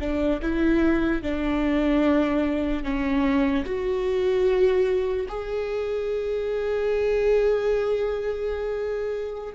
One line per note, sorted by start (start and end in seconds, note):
0.00 0.41 D4
0.42 1.22 E4
1.22 2.83 D4
2.83 3.64 C#4
3.64 5.27 F#4
5.29 9.54 G#4